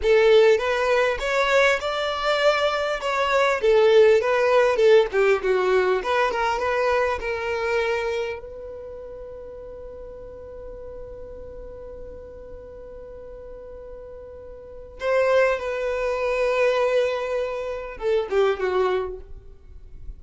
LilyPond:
\new Staff \with { instrumentName = "violin" } { \time 4/4 \tempo 4 = 100 a'4 b'4 cis''4 d''4~ | d''4 cis''4 a'4 b'4 | a'8 g'8 fis'4 b'8 ais'8 b'4 | ais'2 b'2~ |
b'1~ | b'1~ | b'4 c''4 b'2~ | b'2 a'8 g'8 fis'4 | }